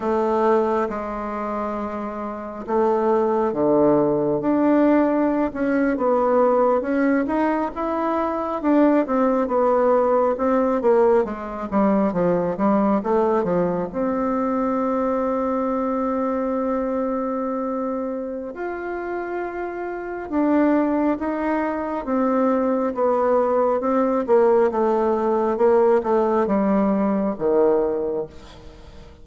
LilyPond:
\new Staff \with { instrumentName = "bassoon" } { \time 4/4 \tempo 4 = 68 a4 gis2 a4 | d4 d'4~ d'16 cis'8 b4 cis'16~ | cis'16 dis'8 e'4 d'8 c'8 b4 c'16~ | c'16 ais8 gis8 g8 f8 g8 a8 f8 c'16~ |
c'1~ | c'4 f'2 d'4 | dis'4 c'4 b4 c'8 ais8 | a4 ais8 a8 g4 dis4 | }